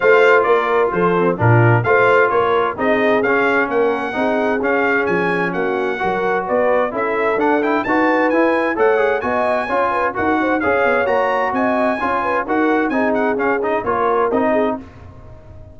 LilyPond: <<
  \new Staff \with { instrumentName = "trumpet" } { \time 4/4 \tempo 4 = 130 f''4 d''4 c''4 ais'4 | f''4 cis''4 dis''4 f''4 | fis''2 f''4 gis''4 | fis''2 d''4 e''4 |
fis''8 g''8 a''4 gis''4 fis''4 | gis''2 fis''4 f''4 | ais''4 gis''2 fis''4 | gis''8 fis''8 f''8 dis''8 cis''4 dis''4 | }
  \new Staff \with { instrumentName = "horn" } { \time 4/4 c''4 ais'4 a'4 f'4 | c''4 ais'4 gis'2 | ais'4 gis'2. | fis'4 ais'4 b'4 a'4~ |
a'4 b'2 cis''4 | dis''4 cis''8 b'8 ais'8 c''8 cis''4~ | cis''4 dis''4 cis''8 b'8 ais'4 | gis'2 ais'4. gis'8 | }
  \new Staff \with { instrumentName = "trombone" } { \time 4/4 f'2~ f'8 c'8 d'4 | f'2 dis'4 cis'4~ | cis'4 dis'4 cis'2~ | cis'4 fis'2 e'4 |
d'8 e'8 fis'4 e'4 a'8 gis'8 | fis'4 f'4 fis'4 gis'4 | fis'2 f'4 fis'4 | dis'4 cis'8 dis'8 f'4 dis'4 | }
  \new Staff \with { instrumentName = "tuba" } { \time 4/4 a4 ais4 f4 ais,4 | a4 ais4 c'4 cis'4 | ais4 c'4 cis'4 f4 | ais4 fis4 b4 cis'4 |
d'4 dis'4 e'4 a4 | b4 cis'4 dis'4 cis'8 b8 | ais4 c'4 cis'4 dis'4 | c'4 cis'4 ais4 c'4 | }
>>